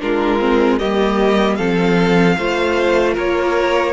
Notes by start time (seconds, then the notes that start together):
0.00 G#3 D4 F4 A#4
0.40 C4
0.79 G3 A#3 G4 D#5
1.56 F3 C4 A4 F5
2.38 A3 F4 C5
3.14 A#3 A#4 C#5